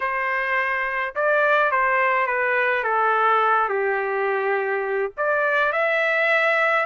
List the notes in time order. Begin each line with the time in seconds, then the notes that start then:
0.00 C5
1.15 D5
1.71 C5
2.26 B4
2.83 A4
3.68 G4
5.17 D5
5.72 E5